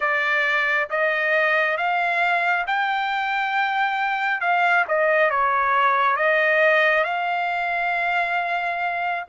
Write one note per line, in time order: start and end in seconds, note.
0.00 0.88 D5
0.90 1.77 D#5
1.77 2.65 F5
2.66 4.40 G5
4.40 4.84 F5
4.88 5.30 D#5
5.30 6.16 C#5
6.16 7.03 D#5
7.03 9.24 F5